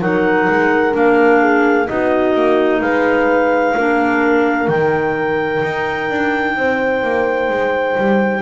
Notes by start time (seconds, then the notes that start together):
0.00 F#3 D#4 A#4 F#5
0.50 G#3
0.92 A#3 D4 F5
1.40 G#4
1.87 B3 D#4 F#4 D#5
2.35 A#3
2.81 G#3 B4 F5
3.74 A#3 D4 A#4
4.68 D#3 D#4 G5
5.63 D#4
6.09 D4
6.56 C4 C5
7.03 A#3
7.49 G#3
7.97 G3